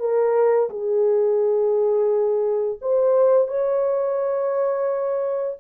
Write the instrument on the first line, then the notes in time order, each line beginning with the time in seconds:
horn
0.00 A#4
0.70 G#4
2.82 C5
3.48 C#5